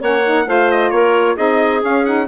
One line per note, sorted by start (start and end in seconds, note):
0.00 0.47 A#3
0.00 0.23 C#4
0.00 0.45 C#5
0.00 0.49 F#5
0.25 0.46 D#4
0.46 0.91 A3
0.46 1.37 F4
0.46 0.93 C5
0.46 0.71 F5
0.71 0.91 D#5
0.91 1.37 A#3
0.91 1.36 A#4
0.91 1.36 C#5
1.36 1.83 C4
1.36 1.81 D#4
1.36 2.27 G#4
1.36 1.82 D#5
1.81 2.04 C#4
1.81 2.27 C#4
1.81 2.05 F5
2.05 2.27 D#4
2.05 2.27 F#5